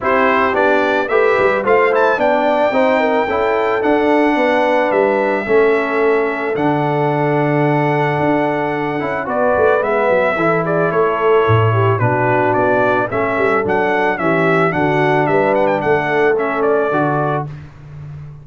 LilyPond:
<<
  \new Staff \with { instrumentName = "trumpet" } { \time 4/4 \tempo 4 = 110 c''4 d''4 e''4 f''8 a''8 | g''2. fis''4~ | fis''4 e''2. | fis''1~ |
fis''4 d''4 e''4. d''8 | cis''2 b'4 d''4 | e''4 fis''4 e''4 fis''4 | e''8 fis''16 g''16 fis''4 e''8 d''4. | }
  \new Staff \with { instrumentName = "horn" } { \time 4/4 g'2 b'4 c''4 | d''4 c''8 ais'8 a'2 | b'2 a'2~ | a'1~ |
a'4 b'2 a'8 gis'8 | a'4. g'8 fis'2 | a'2 g'4 fis'4 | b'4 a'2. | }
  \new Staff \with { instrumentName = "trombone" } { \time 4/4 e'4 d'4 g'4 f'8 e'8 | d'4 dis'4 e'4 d'4~ | d'2 cis'2 | d'1~ |
d'8 e'8 fis'4 b4 e'4~ | e'2 d'2 | cis'4 d'4 cis'4 d'4~ | d'2 cis'4 fis'4 | }
  \new Staff \with { instrumentName = "tuba" } { \time 4/4 c'4 b4 a8 g8 a4 | b4 c'4 cis'4 d'4 | b4 g4 a2 | d2. d'4~ |
d'8 cis'8 b8 a8 gis8 fis8 e4 | a4 a,4 b,4 b4 | a8 g8 fis4 e4 d4 | g4 a2 d4 | }
>>